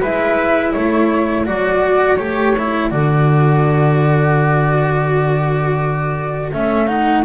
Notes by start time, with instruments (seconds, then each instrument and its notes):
0.00 double bass G#3, cello E4, trumpet B4, flute E5
0.72 double bass A3, trumpet A4, flute C#5
1.45 double bass F#3, cello F#4, flute D5
2.16 double bass A3, cello G4, flute C#5
2.58 cello E4
2.90 double bass D3, cello F#4, flute D5
6.52 double bass A3, cello C#4, flute E5
6.87 cello D#4, flute F#5